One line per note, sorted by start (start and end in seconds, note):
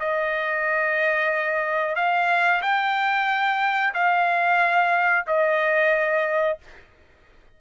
0.00 1.96 D#5
1.96 2.62 F5
2.62 3.94 G5
3.94 5.26 F5
5.27 6.59 D#5